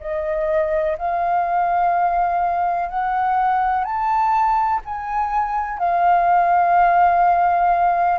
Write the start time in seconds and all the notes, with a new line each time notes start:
0.00 D#5
0.97 F5
2.89 F#5
3.84 A5
4.85 G#5
5.78 F5